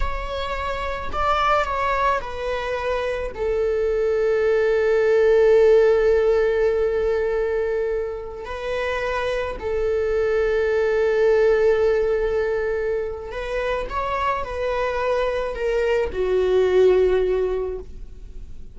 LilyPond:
\new Staff \with { instrumentName = "viola" } { \time 4/4 \tempo 4 = 108 cis''2 d''4 cis''4 | b'2 a'2~ | a'1~ | a'2.~ a'16 b'8.~ |
b'4~ b'16 a'2~ a'8.~ | a'1 | b'4 cis''4 b'2 | ais'4 fis'2. | }